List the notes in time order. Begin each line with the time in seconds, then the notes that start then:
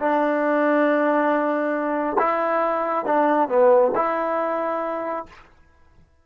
0.00 D4
2.19 E4
3.06 D4
3.49 B3
3.95 E4